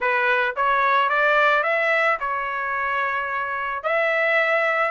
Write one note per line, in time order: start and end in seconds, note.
0.00 0.55 B4
0.56 1.09 C#5
1.09 1.63 D5
1.63 2.17 E5
2.19 3.83 C#5
3.83 4.91 E5